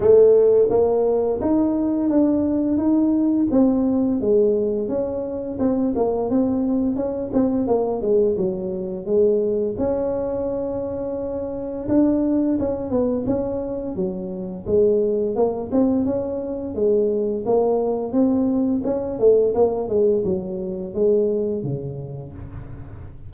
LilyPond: \new Staff \with { instrumentName = "tuba" } { \time 4/4 \tempo 4 = 86 a4 ais4 dis'4 d'4 | dis'4 c'4 gis4 cis'4 | c'8 ais8 c'4 cis'8 c'8 ais8 gis8 | fis4 gis4 cis'2~ |
cis'4 d'4 cis'8 b8 cis'4 | fis4 gis4 ais8 c'8 cis'4 | gis4 ais4 c'4 cis'8 a8 | ais8 gis8 fis4 gis4 cis4 | }